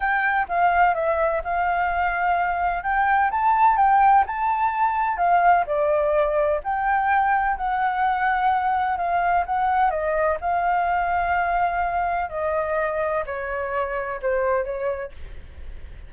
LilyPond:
\new Staff \with { instrumentName = "flute" } { \time 4/4 \tempo 4 = 127 g''4 f''4 e''4 f''4~ | f''2 g''4 a''4 | g''4 a''2 f''4 | d''2 g''2 |
fis''2. f''4 | fis''4 dis''4 f''2~ | f''2 dis''2 | cis''2 c''4 cis''4 | }